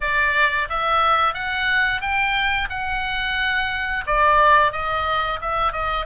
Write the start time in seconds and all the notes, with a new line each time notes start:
0.00 D5
0.69 E5
1.34 F#5
2.01 G5
2.69 F#5
4.06 D5
4.72 D#5
5.41 E5
5.72 D#5